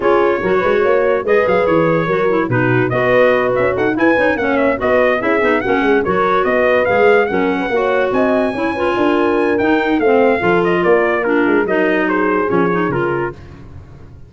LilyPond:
<<
  \new Staff \with { instrumentName = "trumpet" } { \time 4/4 \tempo 4 = 144 cis''2. dis''8 f''8 | cis''2 b'4 dis''4~ | dis''8 e''8 fis''8 gis''4 fis''8 e''8 dis''8~ | dis''8 e''4 fis''4 cis''4 dis''8~ |
dis''8 f''4 fis''2 gis''8~ | gis''2. g''4 | f''4. dis''8 d''4 ais'4 | dis''4 c''4 cis''4 ais'4 | }
  \new Staff \with { instrumentName = "horn" } { \time 4/4 gis'4 ais'8 b'8 cis''4 b'4~ | b'4 ais'4 fis'4 b'4~ | b'4 a'8 b'4 cis''4 b'8~ | b'8 gis'4 fis'8 gis'8 ais'4 b'8~ |
b'4. ais'8. b'16 cis''4 dis''8~ | dis''8 cis''8 b'8 ais'2~ ais'8 | c''4 a'4 ais'4 f'4 | ais'4 gis'2. | }
  \new Staff \with { instrumentName = "clarinet" } { \time 4/4 f'4 fis'2 gis'4~ | gis'4 fis'8 e'8 dis'4 fis'4~ | fis'4. e'8 dis'8 cis'4 fis'8~ | fis'8 e'8 dis'8 cis'4 fis'4.~ |
fis'8 gis'4 cis'4 fis'4.~ | fis'8 e'8 f'2 dis'4 | c'4 f'2 d'4 | dis'2 cis'8 dis'8 f'4 | }
  \new Staff \with { instrumentName = "tuba" } { \time 4/4 cis'4 fis8 gis8 ais4 gis8 fis8 | e4 fis4 b,4 b4~ | b8 cis'8 dis'8 e'8 cis'8 ais4 b8~ | b8 cis'8 b8 ais8 gis8 fis4 b8~ |
b8 gis4 fis4 ais4 c'8~ | c'8 cis'4 d'4. dis'4 | a4 f4 ais4. gis8 | fis2 f4 cis4 | }
>>